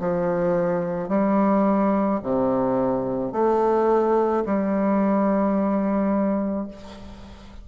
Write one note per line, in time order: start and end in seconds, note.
0.00 1.09 F3
1.09 2.20 G3
2.23 3.32 C3
3.32 4.43 A3
4.46 6.68 G3